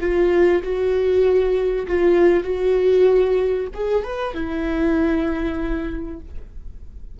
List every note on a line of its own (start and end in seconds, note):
0.00 0.62 F4
0.62 1.86 F#4
1.87 2.43 F4
2.43 3.67 F#4
3.73 4.03 G#4
4.03 4.34 B4
4.34 6.19 E4